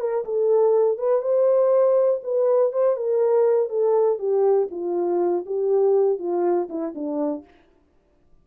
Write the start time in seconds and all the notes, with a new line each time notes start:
0.00 A#4
0.25 A4
0.98 B4
1.22 C5
2.23 B4
2.73 C5
2.97 A#4
3.69 A4
4.19 G4
4.71 F4
5.46 G4
6.19 F4
6.69 E4
6.95 D4